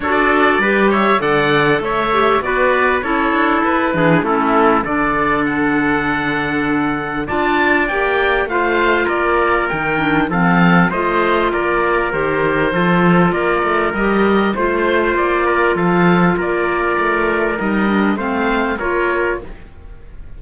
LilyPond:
<<
  \new Staff \with { instrumentName = "oboe" } { \time 4/4 \tempo 4 = 99 d''4. e''8 fis''4 e''4 | d''4 cis''4 b'4 a'4 | d''4 fis''2. | a''4 g''4 f''4 d''4 |
g''4 f''4 dis''4 d''4 | c''2 d''4 dis''4 | c''4 d''4 f''4 d''4~ | d''4 dis''4 f''4 cis''4 | }
  \new Staff \with { instrumentName = "trumpet" } { \time 4/4 a'4 b'8 cis''8 d''4 cis''4 | b'4 a'4. gis'8 e'4 | a'1 | d''2 c''4 ais'4~ |
ais'4 a'4 c''4 ais'4~ | ais'4 a'4 ais'2 | c''4. ais'8 a'4 ais'4~ | ais'2 c''4 ais'4 | }
  \new Staff \with { instrumentName = "clarinet" } { \time 4/4 fis'4 g'4 a'4. g'8 | fis'4 e'4. d'8 cis'4 | d'1 | f'4 g'4 f'2 |
dis'8 d'8 c'4 f'2 | g'4 f'2 g'4 | f'1~ | f'4 dis'8 d'8 c'4 f'4 | }
  \new Staff \with { instrumentName = "cello" } { \time 4/4 d'4 g4 d4 a4 | b4 cis'8 d'8 e'8 e8 a4 | d1 | d'4 ais4 a4 ais4 |
dis4 f4 a4 ais4 | dis4 f4 ais8 a8 g4 | a4 ais4 f4 ais4 | a4 g4 a4 ais4 | }
>>